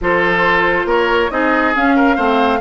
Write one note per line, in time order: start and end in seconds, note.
0.01 0.85 F3
0.01 1.30 F4
0.01 0.86 A4
0.01 0.89 C5
0.85 1.28 A#3
0.85 1.30 A#4
0.85 1.31 C#5
1.30 1.74 C4
1.30 1.74 D#4
1.30 1.96 G#4
1.30 1.74 D#5
1.74 2.16 C#4
1.74 2.17 C#4
1.74 2.61 F5
1.96 2.15 A#4
2.15 2.61 A3
2.15 2.60 C4
2.15 2.59 C5